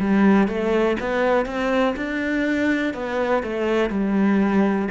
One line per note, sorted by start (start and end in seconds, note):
0.00 0.48 G3
0.48 0.97 A3
1.00 1.46 B3
1.46 1.95 C4
1.96 2.94 D4
2.94 3.43 B3
3.43 3.90 A3
3.90 4.89 G3